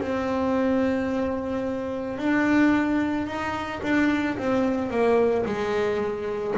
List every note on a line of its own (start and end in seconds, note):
0.00 2.18 C4
2.18 3.26 D4
3.26 3.81 D#4
3.82 4.37 D4
4.37 4.90 C4
4.90 5.44 A#3
5.45 6.55 G#3